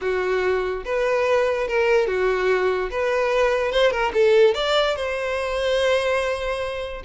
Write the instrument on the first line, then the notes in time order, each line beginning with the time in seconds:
violin
0.01 F#4
0.85 B4
1.67 A#4
2.07 F#4
2.90 B4
3.71 C5
3.91 A#4
4.13 A4
4.54 D5
4.96 C5